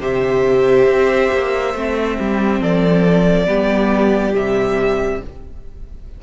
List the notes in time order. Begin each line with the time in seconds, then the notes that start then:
0.00 C3 G4 C5 E5
0.86 C4
1.32 A#3
1.74 A3 C4
2.17 G3 G4
2.60 F3 A4 D5
3.47 G3 B3 G4
4.34 C3 G3 E5